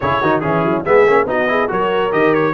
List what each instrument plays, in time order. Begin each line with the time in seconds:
0.00 tuba C#3, trombone E4, horn G#4, trumpet C#5
0.21 tuba D#3, trombone D#4, horn F#4
0.40 tuba E3, trombone C#4, horn E4, trumpet G#4
0.64 tuba F#3
0.84 tuba G#3, trombone B3, horn G#4, trumpet E5
1.06 tuba A#3, trombone C#4
1.24 tuba B3, trombone D#4, horn F#4, trumpet D#5
1.47 trombone E4, horn G#4
1.68 tuba F#3, trombone F#4, horn A#4, trumpet C#5
2.11 tuba D#3, trombone G4, trumpet D#5
2.34 trumpet C#5